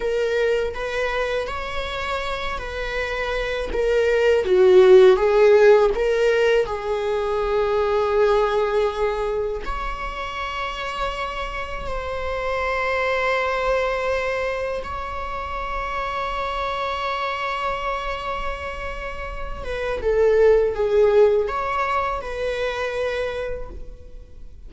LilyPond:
\new Staff \with { instrumentName = "viola" } { \time 4/4 \tempo 4 = 81 ais'4 b'4 cis''4. b'8~ | b'4 ais'4 fis'4 gis'4 | ais'4 gis'2.~ | gis'4 cis''2. |
c''1 | cis''1~ | cis''2~ cis''8 b'8 a'4 | gis'4 cis''4 b'2 | }